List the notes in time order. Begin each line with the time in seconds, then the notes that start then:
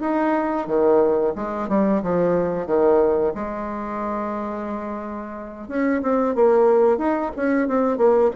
0.00 D#4
0.67 D#3
1.35 G#3
1.68 G3
2.02 F3
2.66 D#3
3.35 G#3
5.68 C#4
6.02 C4
6.35 A#3
6.98 D#4
7.36 C#4
7.68 C4
7.97 A#3